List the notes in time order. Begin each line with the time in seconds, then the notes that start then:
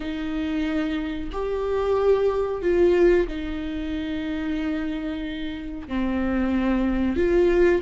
0.00 D#4
1.32 G4
2.62 F4
3.27 D#4
5.88 C4
7.16 F4